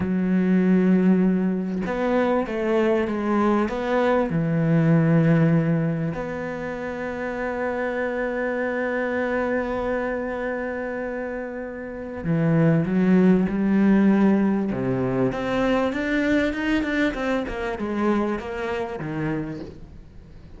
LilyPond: \new Staff \with { instrumentName = "cello" } { \time 4/4 \tempo 4 = 98 fis2. b4 | a4 gis4 b4 e4~ | e2 b2~ | b1~ |
b1 | e4 fis4 g2 | c4 c'4 d'4 dis'8 d'8 | c'8 ais8 gis4 ais4 dis4 | }